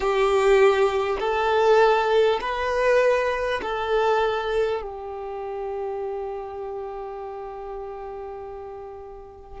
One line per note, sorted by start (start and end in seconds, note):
0.00 1.18 G4
1.19 2.39 A4
2.41 3.61 B4
3.62 4.81 A4
4.81 9.60 G4